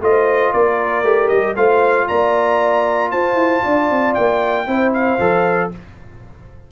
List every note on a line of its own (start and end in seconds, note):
0.00 0.52 A3
0.00 1.04 F4
0.00 0.53 C5
0.00 0.52 D#5
0.52 1.03 A#3
0.52 1.55 A#4
0.52 1.28 D5
1.03 1.29 A3
1.03 1.56 G4
1.28 1.55 G3
1.28 1.54 D#5
1.55 2.07 A3
1.55 4.66 F4
1.55 2.07 C5
1.55 2.08 F5
2.08 3.12 A#3
2.08 3.11 D5
2.08 3.11 A#5
3.11 3.34 F4
3.11 3.63 C5
3.11 4.14 A5
3.34 3.60 E4
3.63 3.90 D4
3.63 4.67 D5
3.90 4.16 C4
4.14 4.67 A#3
4.14 4.92 G5
4.67 5.18 C4
4.67 5.19 E4
4.67 5.70 C5
4.93 5.70 F5
5.19 5.71 F3
5.19 5.71 A4